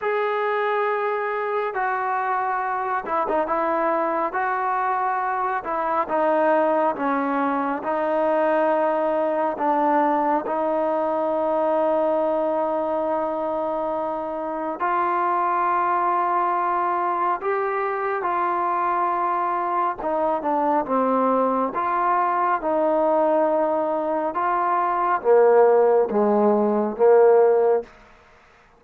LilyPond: \new Staff \with { instrumentName = "trombone" } { \time 4/4 \tempo 4 = 69 gis'2 fis'4. e'16 dis'16 | e'4 fis'4. e'8 dis'4 | cis'4 dis'2 d'4 | dis'1~ |
dis'4 f'2. | g'4 f'2 dis'8 d'8 | c'4 f'4 dis'2 | f'4 ais4 gis4 ais4 | }